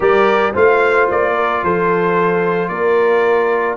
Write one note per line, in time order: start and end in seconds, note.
0.00 0.54 G3
0.00 0.53 G4
0.00 0.53 A#4
0.00 0.55 D5
0.53 1.09 A3
0.53 3.77 F4
0.53 1.34 C5
0.53 1.10 F5
1.10 1.63 A#3
1.10 1.64 D5
1.34 1.61 A#4
1.63 2.68 F3
1.63 2.71 A4
1.63 2.68 C5
2.68 3.76 A#3
2.68 3.77 A#4
2.68 3.76 D5